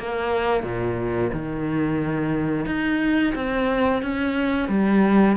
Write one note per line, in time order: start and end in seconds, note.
0.00 0.64 A#3
0.64 1.31 A#2
1.33 2.66 D#3
2.66 3.34 D#4
3.36 4.03 C4
4.03 4.69 C#4
4.69 5.37 G3